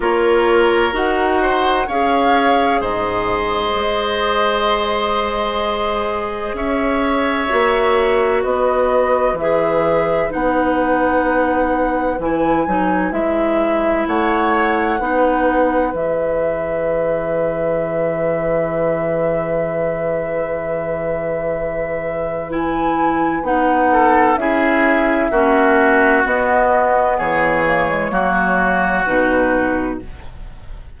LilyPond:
<<
  \new Staff \with { instrumentName = "flute" } { \time 4/4 \tempo 4 = 64 cis''4 fis''4 f''4 dis''4~ | dis''2. e''4~ | e''4 dis''4 e''4 fis''4~ | fis''4 gis''4 e''4 fis''4~ |
fis''4 e''2.~ | e''1 | gis''4 fis''4 e''2 | dis''4 cis''2 b'4 | }
  \new Staff \with { instrumentName = "oboe" } { \time 4/4 ais'4. c''8 cis''4 c''4~ | c''2. cis''4~ | cis''4 b'2.~ | b'2. cis''4 |
b'1~ | b'1~ | b'4. a'8 gis'4 fis'4~ | fis'4 gis'4 fis'2 | }
  \new Staff \with { instrumentName = "clarinet" } { \time 4/4 f'4 fis'4 gis'2~ | gis'1 | fis'2 gis'4 dis'4~ | dis'4 e'8 dis'8 e'2 |
dis'4 gis'2.~ | gis'1 | e'4 dis'4 e'4 cis'4 | b4. ais16 gis16 ais4 dis'4 | }
  \new Staff \with { instrumentName = "bassoon" } { \time 4/4 ais4 dis'4 cis'4 gis,4 | gis2. cis'4 | ais4 b4 e4 b4~ | b4 e8 fis8 gis4 a4 |
b4 e2.~ | e1~ | e4 b4 cis'4 ais4 | b4 e4 fis4 b,4 | }
>>